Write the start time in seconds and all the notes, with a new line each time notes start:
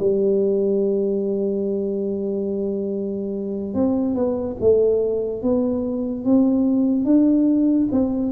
0.00 G3
3.74 C4
4.15 B3
4.61 A3
5.42 B3
6.25 C4
7.05 D4
7.92 C4